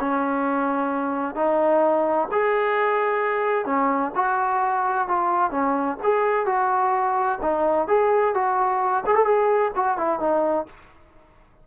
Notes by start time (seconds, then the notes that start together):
0.00 C#4
1.35 D#4
2.32 G#4
3.65 C#4
4.15 F#4
5.08 F4
5.51 C#4
6.03 G#4
6.46 F#4
7.41 D#4
7.88 G#4
8.34 F#4
9.06 G#4
9.15 A4
9.25 G#4
9.75 F#4
9.97 E4
10.19 D#4